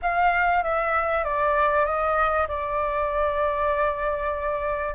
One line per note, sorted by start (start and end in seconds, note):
0.02 0.63 F5
0.63 1.24 E5
1.24 1.85 D5
1.85 2.47 D#5
2.47 4.94 D5